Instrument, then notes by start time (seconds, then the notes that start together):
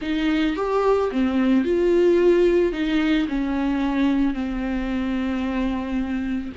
viola
0.01 D#4
0.56 G4
1.11 C4
1.64 F4
2.72 D#4
3.28 C#4
4.34 C4